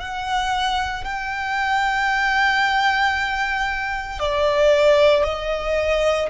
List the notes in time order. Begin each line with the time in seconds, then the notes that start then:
0.00 F#5
1.04 G5
4.20 D5
5.24 D#5